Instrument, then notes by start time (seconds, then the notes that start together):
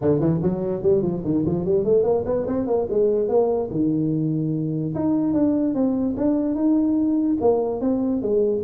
tuba
0.01 D3
0.20 E3
0.42 F#3
0.82 G3
1.02 F3
1.24 D#3
1.45 F3
1.65 G3
1.84 A3
2.03 A#3
2.25 B3
2.47 C4
2.67 A#3
2.90 G#3
3.28 A#3
3.70 D#3
4.94 D#4
5.33 D4
5.74 C4
6.16 D4
6.55 D#4
7.40 A#3
7.80 C4
8.21 G#3